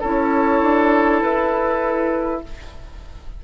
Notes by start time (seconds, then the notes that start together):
0.00 C#4 E4 A4 C#5
0.62 D4
1.22 E4 B4